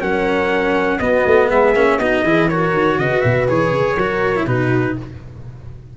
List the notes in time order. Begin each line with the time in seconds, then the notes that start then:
0.00 F#3 C#4 A#4 F#5
0.99 B3 F#4 D#5
1.26 A3
1.49 G#3 G#4 E5
1.75 A#3 C#4
1.98 B3 D#4 F#4 D#5
2.23 E3 E4 G#4
2.48 F#4 A#4 C#5
2.73 D#3
2.97 C#3 B4 D#5
3.21 B2 E5
3.48 E3 G#4 C#5
3.70 C#3
3.96 F#3 F#4 A#4
4.36 E4
4.46 B2 D#4 F#4 B4